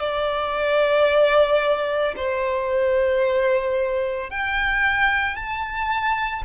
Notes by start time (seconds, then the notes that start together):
0.00 D5
2.16 C5
4.30 G5
5.36 A5